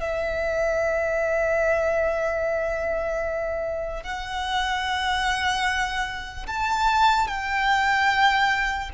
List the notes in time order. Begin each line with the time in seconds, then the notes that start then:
0.00 E5
4.03 F#5
6.47 A5
7.28 G5